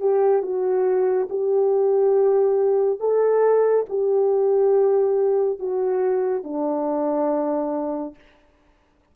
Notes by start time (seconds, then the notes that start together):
0.00 G4
0.42 F#4
1.29 G4
3.00 A4
3.89 G4
5.59 F#4
6.43 D4